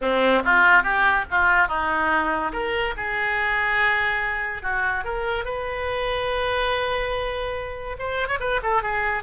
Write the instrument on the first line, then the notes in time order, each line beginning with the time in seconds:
oboe
0.01 C4
0.44 F4
0.83 G4
1.30 F4
1.68 D#4
2.52 A#4
2.96 G#4
4.62 F#4
5.04 A#4
5.45 B4
7.98 C5
8.28 C#5
8.40 B4
8.62 A4
8.82 G#4